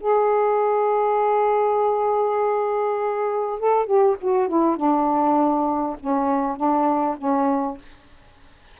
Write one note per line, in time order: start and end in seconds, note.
0.00 3.59 G#4
3.59 3.86 A4
3.86 4.16 G4
4.21 4.48 F#4
4.48 4.76 E4
4.76 5.96 D4
6.00 6.56 C#4
6.56 7.16 D4
7.18 7.78 C#4